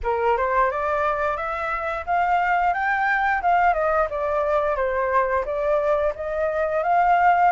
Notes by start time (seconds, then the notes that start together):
0.03 A#4
0.37 C5
0.70 D5
1.36 E5
2.05 F5
2.73 G5
3.42 F5
3.73 D#5
4.09 D5
4.76 C5
5.45 D5
6.15 D#5
6.83 F5